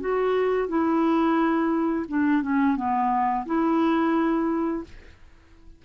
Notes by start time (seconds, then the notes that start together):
0.00 F#4
0.68 E4
2.08 D4
2.42 C#4
2.76 B3
3.46 E4